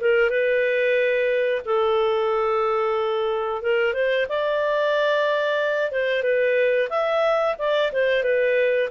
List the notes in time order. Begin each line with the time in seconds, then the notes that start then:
0.00 A#4
0.30 B4
1.65 A4
3.62 A#4
3.93 C5
4.29 D5
5.91 C5
6.22 B4
6.89 E5
7.58 D5
7.92 C5
8.23 B4